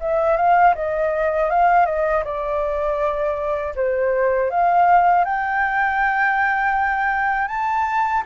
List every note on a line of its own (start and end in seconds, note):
0.00 0.36 E5
0.36 0.74 F5
0.75 1.50 D#5
1.50 1.86 F5
1.86 2.23 D#5
2.24 3.74 D5
3.75 4.50 C5
4.50 5.25 F5
5.25 7.48 G5
7.48 8.23 A5